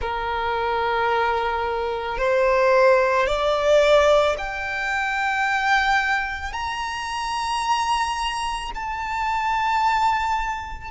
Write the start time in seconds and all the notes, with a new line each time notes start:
0.00 A#4
2.18 C5
3.27 D5
4.37 G5
6.53 A#5
8.74 A5